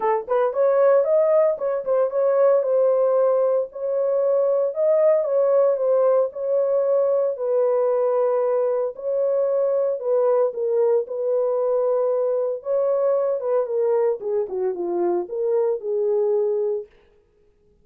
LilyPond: \new Staff \with { instrumentName = "horn" } { \time 4/4 \tempo 4 = 114 a'8 b'8 cis''4 dis''4 cis''8 c''8 | cis''4 c''2 cis''4~ | cis''4 dis''4 cis''4 c''4 | cis''2 b'2~ |
b'4 cis''2 b'4 | ais'4 b'2. | cis''4. b'8 ais'4 gis'8 fis'8 | f'4 ais'4 gis'2 | }